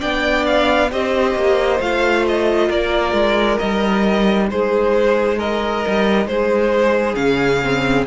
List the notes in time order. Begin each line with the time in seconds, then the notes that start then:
0.00 B3 D4 D5 G5
0.46 F5
0.91 C4 G4 C5 D#5
1.35 A#3
1.80 A3 F4 F5
2.27 D#5
2.68 A#3 A#4 D5
3.12 G#3
3.58 G3 D#4 D#5
4.50 G#3 G#4 C5
5.37 A#4 D#5
5.87 G3
6.25 G#3 G#4 C5
7.14 C#3 C#4 F5
7.63 C4